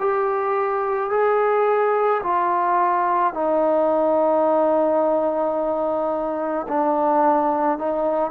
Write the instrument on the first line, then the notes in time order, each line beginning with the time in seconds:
trombone
0.00 G4
1.10 G#4
2.23 F4
3.33 D#4
6.68 D4
7.78 D#4